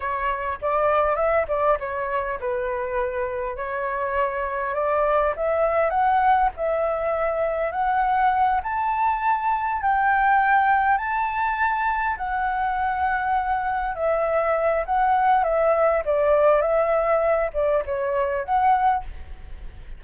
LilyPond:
\new Staff \with { instrumentName = "flute" } { \time 4/4 \tempo 4 = 101 cis''4 d''4 e''8 d''8 cis''4 | b'2 cis''2 | d''4 e''4 fis''4 e''4~ | e''4 fis''4. a''4.~ |
a''8 g''2 a''4.~ | a''8 fis''2. e''8~ | e''4 fis''4 e''4 d''4 | e''4. d''8 cis''4 fis''4 | }